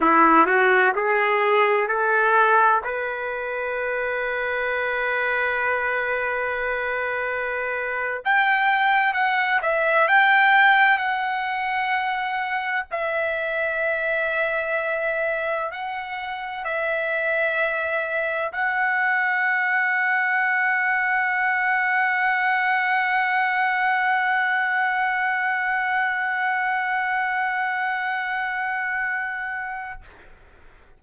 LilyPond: \new Staff \with { instrumentName = "trumpet" } { \time 4/4 \tempo 4 = 64 e'8 fis'8 gis'4 a'4 b'4~ | b'1~ | b'8. g''4 fis''8 e''8 g''4 fis''16~ | fis''4.~ fis''16 e''2~ e''16~ |
e''8. fis''4 e''2 fis''16~ | fis''1~ | fis''1~ | fis''1 | }